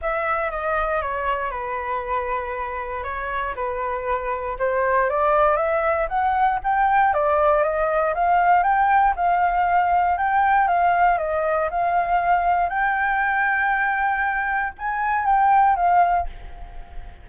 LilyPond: \new Staff \with { instrumentName = "flute" } { \time 4/4 \tempo 4 = 118 e''4 dis''4 cis''4 b'4~ | b'2 cis''4 b'4~ | b'4 c''4 d''4 e''4 | fis''4 g''4 d''4 dis''4 |
f''4 g''4 f''2 | g''4 f''4 dis''4 f''4~ | f''4 g''2.~ | g''4 gis''4 g''4 f''4 | }